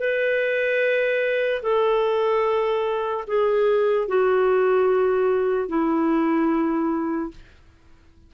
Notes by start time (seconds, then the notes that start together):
0.00 B4
1.63 A4
3.28 G#4
4.08 F#4
5.69 E4